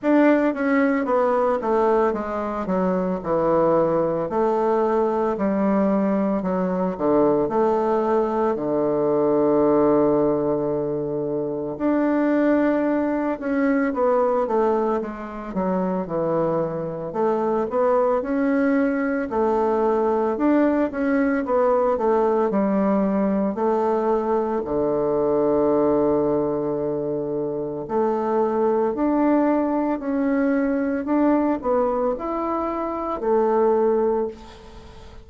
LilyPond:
\new Staff \with { instrumentName = "bassoon" } { \time 4/4 \tempo 4 = 56 d'8 cis'8 b8 a8 gis8 fis8 e4 | a4 g4 fis8 d8 a4 | d2. d'4~ | d'8 cis'8 b8 a8 gis8 fis8 e4 |
a8 b8 cis'4 a4 d'8 cis'8 | b8 a8 g4 a4 d4~ | d2 a4 d'4 | cis'4 d'8 b8 e'4 a4 | }